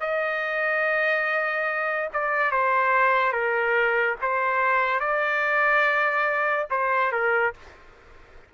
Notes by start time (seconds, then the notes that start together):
0.00 D#5
2.13 D5
2.51 C5
3.32 A#4
4.21 C5
5.00 D5
6.70 C5
7.12 A#4